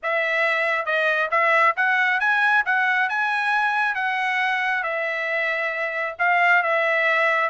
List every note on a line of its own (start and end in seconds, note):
0.02 0.85 E5
0.85 1.29 D#5
1.31 1.75 E5
1.76 2.19 F#5
2.19 2.64 G#5
2.65 3.09 F#5
3.09 3.95 G#5
3.95 4.83 F#5
4.83 6.15 E5
6.18 6.63 F5
6.63 7.49 E5